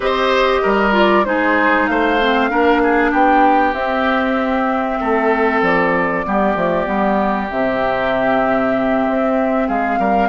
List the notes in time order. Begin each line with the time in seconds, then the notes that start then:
0.00 C4 G4 C5 D#5
0.62 G3 A#4
0.92 F4 D5
1.24 G#3 D#4 G#4 C5
1.87 A3 C5 F5
2.20 C4
2.49 A#3 D4 A#4
2.83 G#4
3.11 B3 G4 G5
3.73 C4 E5
5.00 A3 A4
5.61 F3 D5
6.25 G3 B3 G4
6.55 F3 A3
6.84 G3 B3
7.49 C3 C4 E5
9.08 C4
9.67 G#3 G#4 F5
9.98 G3 A#4